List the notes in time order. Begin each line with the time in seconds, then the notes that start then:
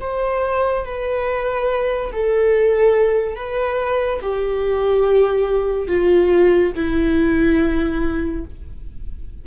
0.00 C5
0.84 B4
2.12 A4
3.35 B4
4.21 G4
5.87 F4
6.75 E4